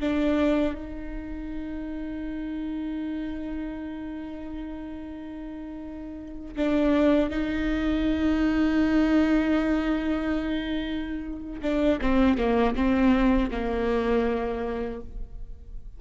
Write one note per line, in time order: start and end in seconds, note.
0.00 0.74 D4
0.74 6.56 D#4
6.56 7.30 D4
7.30 11.61 D#4
11.62 12.00 D4
12.01 12.38 C4
12.38 12.75 A#3
12.75 13.50 C4
13.51 15.01 A#3